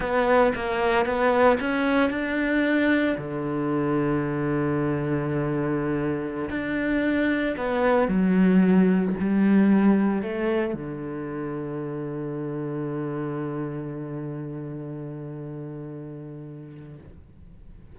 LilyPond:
\new Staff \with { instrumentName = "cello" } { \time 4/4 \tempo 4 = 113 b4 ais4 b4 cis'4 | d'2 d2~ | d1~ | d16 d'2 b4 fis8.~ |
fis4~ fis16 g2 a8.~ | a16 d2.~ d8.~ | d1~ | d1 | }